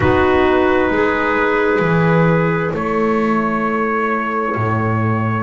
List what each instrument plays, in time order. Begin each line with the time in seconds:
0.00 double bass B3, saxophone D#4, clarinet F#4, trumpet B4
0.89 double bass G#3, clarinet G#4
1.79 double bass E3, saxophone E4
2.73 double bass A3, clarinet A4, trumpet C#5
4.56 double bass A2